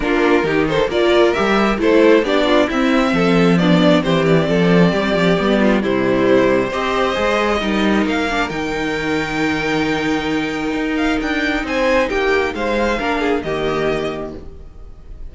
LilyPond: <<
  \new Staff \with { instrumentName = "violin" } { \time 4/4 \tempo 4 = 134 ais'4. c''8 d''4 e''4 | c''4 d''4 e''2 | d''4 c''8 d''2~ d''8~ | d''4 c''2 dis''4~ |
dis''2 f''4 g''4~ | g''1~ | g''8 f''8 g''4 gis''4 g''4 | f''2 dis''2 | }
  \new Staff \with { instrumentName = "violin" } { \time 4/4 f'4 g'8 a'8 ais'2 | a'4 g'8 f'8 e'4 a'4 | d'4 g'4 a'4 g'4~ | g'8 f'8 e'2 c''4~ |
c''4 ais'2.~ | ais'1~ | ais'2 c''4 g'4 | c''4 ais'8 gis'8 g'2 | }
  \new Staff \with { instrumentName = "viola" } { \time 4/4 d'4 dis'4 f'4 g'4 | e'4 d'4 c'2 | b4 c'2. | b4 g2 g'4 |
gis'4 dis'4. d'8 dis'4~ | dis'1~ | dis'1~ | dis'4 d'4 ais2 | }
  \new Staff \with { instrumentName = "cello" } { \time 4/4 ais4 dis4 ais4 g4 | a4 b4 c'4 f4~ | f4 e4 f4 g8 f8 | g4 c2 c'4 |
gis4 g4 ais4 dis4~ | dis1 | dis'4 d'4 c'4 ais4 | gis4 ais4 dis2 | }
>>